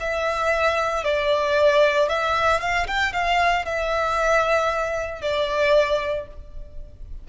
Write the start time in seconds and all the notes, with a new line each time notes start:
0.00 E5
1.04 D5
2.09 E5
2.60 F5
2.87 G5
3.13 F5
3.65 E5
5.22 D5